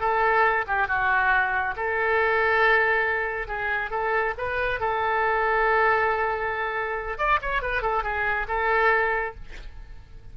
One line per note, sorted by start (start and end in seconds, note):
0.00 0.65 A4
0.67 0.88 G4
0.88 1.75 F#4
1.76 3.48 A4
3.48 3.91 G#4
3.91 4.34 A4
4.38 4.80 B4
4.80 7.18 A4
7.18 7.40 D5
7.42 7.62 C#5
7.62 7.82 B4
7.82 8.03 A4
8.03 8.47 G#4
8.48 9.35 A4